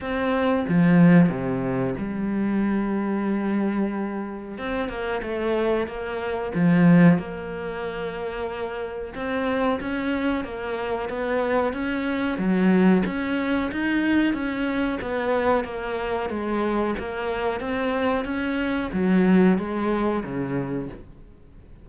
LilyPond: \new Staff \with { instrumentName = "cello" } { \time 4/4 \tempo 4 = 92 c'4 f4 c4 g4~ | g2. c'8 ais8 | a4 ais4 f4 ais4~ | ais2 c'4 cis'4 |
ais4 b4 cis'4 fis4 | cis'4 dis'4 cis'4 b4 | ais4 gis4 ais4 c'4 | cis'4 fis4 gis4 cis4 | }